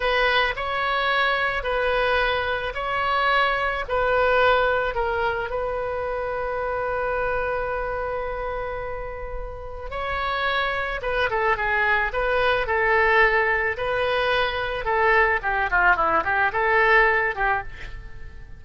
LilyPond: \new Staff \with { instrumentName = "oboe" } { \time 4/4 \tempo 4 = 109 b'4 cis''2 b'4~ | b'4 cis''2 b'4~ | b'4 ais'4 b'2~ | b'1~ |
b'2 cis''2 | b'8 a'8 gis'4 b'4 a'4~ | a'4 b'2 a'4 | g'8 f'8 e'8 g'8 a'4. g'8 | }